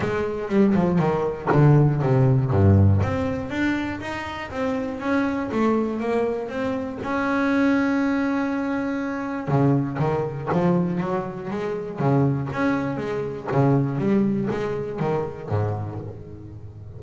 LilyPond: \new Staff \with { instrumentName = "double bass" } { \time 4/4 \tempo 4 = 120 gis4 g8 f8 dis4 d4 | c4 g,4 c'4 d'4 | dis'4 c'4 cis'4 a4 | ais4 c'4 cis'2~ |
cis'2. cis4 | dis4 f4 fis4 gis4 | cis4 cis'4 gis4 cis4 | g4 gis4 dis4 gis,4 | }